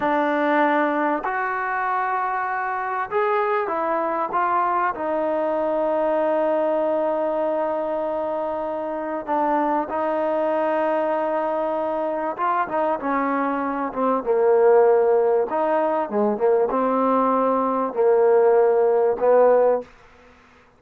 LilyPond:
\new Staff \with { instrumentName = "trombone" } { \time 4/4 \tempo 4 = 97 d'2 fis'2~ | fis'4 gis'4 e'4 f'4 | dis'1~ | dis'2. d'4 |
dis'1 | f'8 dis'8 cis'4. c'8 ais4~ | ais4 dis'4 gis8 ais8 c'4~ | c'4 ais2 b4 | }